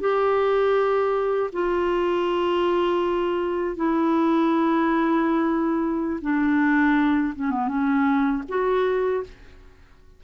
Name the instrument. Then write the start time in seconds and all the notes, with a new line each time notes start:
clarinet
0.00 G4
1.52 F4
3.76 E4
6.21 D4
7.35 C#4
7.50 B3
7.68 C#4
8.48 F#4